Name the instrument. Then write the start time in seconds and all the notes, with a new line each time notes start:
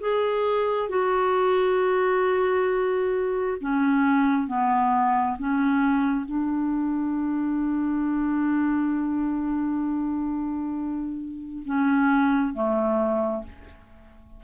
clarinet
0.00 G#4
0.89 F#4
3.61 C#4
4.47 B3
5.39 C#4
6.25 D4
11.65 C#4
12.53 A3